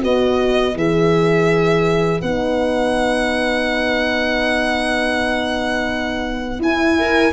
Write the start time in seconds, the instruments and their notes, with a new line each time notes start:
0.00 tuba B3, horn F#4, viola B4, violin D#5
0.75 tuba E3, horn G#4, violin E5
2.21 tuba B3, horn D#4, violin F#5
6.59 tuba E4, horn E4, violin G#5
6.99 viola A#4